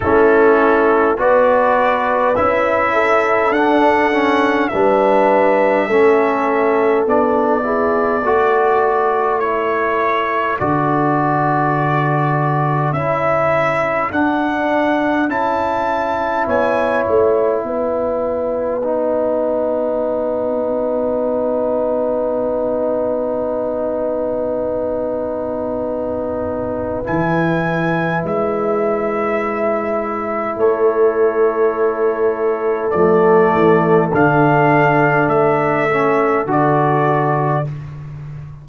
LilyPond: <<
  \new Staff \with { instrumentName = "trumpet" } { \time 4/4 \tempo 4 = 51 a'4 d''4 e''4 fis''4 | e''2 d''2 | cis''4 d''2 e''4 | fis''4 a''4 gis''8 fis''4.~ |
fis''1~ | fis''2. gis''4 | e''2 cis''2 | d''4 f''4 e''4 d''4 | }
  \new Staff \with { instrumentName = "horn" } { \time 4/4 e'4 b'4. a'4. | b'4 a'4. gis'8 a'4~ | a'1~ | a'2 cis''4 b'4~ |
b'1~ | b'1~ | b'2 a'2~ | a'1 | }
  \new Staff \with { instrumentName = "trombone" } { \time 4/4 cis'4 fis'4 e'4 d'8 cis'8 | d'4 cis'4 d'8 e'8 fis'4 | e'4 fis'2 e'4 | d'4 e'2. |
dis'1~ | dis'2. e'4~ | e'1 | a4 d'4. cis'8 fis'4 | }
  \new Staff \with { instrumentName = "tuba" } { \time 4/4 a4 b4 cis'4 d'4 | g4 a4 b4 a4~ | a4 d2 cis'4 | d'4 cis'4 b8 a8 b4~ |
b1~ | b2. e4 | gis2 a2 | f8 e8 d4 a4 d4 | }
>>